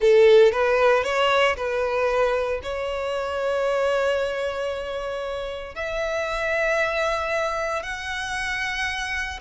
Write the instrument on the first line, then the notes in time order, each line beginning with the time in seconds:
violin
0.00 A4
0.52 B4
1.03 C#5
1.56 B4
2.63 C#5
5.75 E5
7.83 F#5